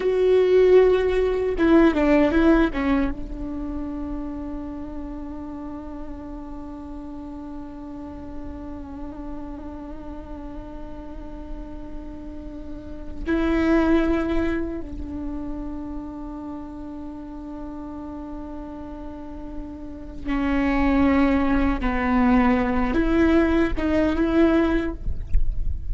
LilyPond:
\new Staff \with { instrumentName = "viola" } { \time 4/4 \tempo 4 = 77 fis'2 e'8 d'8 e'8 cis'8 | d'1~ | d'1~ | d'1~ |
d'4 e'2 d'4~ | d'1~ | d'2 cis'2 | b4. e'4 dis'8 e'4 | }